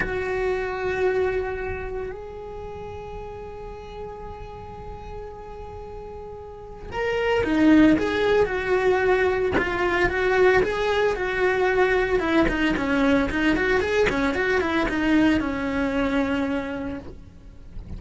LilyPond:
\new Staff \with { instrumentName = "cello" } { \time 4/4 \tempo 4 = 113 fis'1 | gis'1~ | gis'1~ | gis'4 ais'4 dis'4 gis'4 |
fis'2 f'4 fis'4 | gis'4 fis'2 e'8 dis'8 | cis'4 dis'8 fis'8 gis'8 cis'8 fis'8 e'8 | dis'4 cis'2. | }